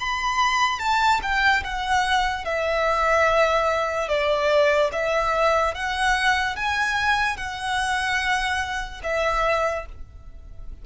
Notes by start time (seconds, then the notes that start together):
0.00 B5
0.79 A5
1.22 G5
1.64 F#5
2.45 E5
4.08 D5
4.92 E5
5.74 F#5
6.56 G#5
7.37 F#5
9.03 E5